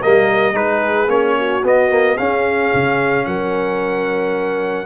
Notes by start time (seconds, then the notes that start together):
0.00 G3 A#3 A#4 D#5
0.53 G#3 D#4 G#4 B4
1.08 A#3 C#4 C#5
1.38 F#4
1.64 B3 D#5
1.90 A#3
2.17 C#4 G#4 F5
2.74 C#3
3.25 F#3 A#4 F#5